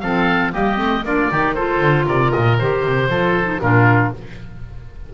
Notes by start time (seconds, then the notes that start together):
0.00 F3 C4 A4 F5
0.52 G3 A#3 G4 D#5
0.76 A3 C4
1.04 A#3 D4 F4 D5
1.31 D#3 D#4 G4
1.54 F4 A4 C5
1.81 D3
2.05 C3 A#4 D5
2.31 A#2 D#5
2.59 D#3 G4 C5
2.82 C3
3.09 F3 F4 A4
3.43 D#4
3.61 A#2 D4 F4 A#4